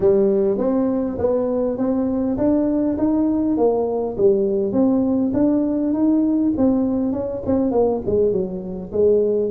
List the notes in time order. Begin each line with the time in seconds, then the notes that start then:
0.00 G3
0.58 C4
1.18 B3
1.77 C4
2.37 D4
2.98 D#4
3.57 A#3
4.17 G3
4.72 C4
5.33 D4
5.93 D#4
6.57 C4
7.12 C#4
7.46 C4
7.71 A#3
8.05 G#3
8.31 F#3
8.92 G#3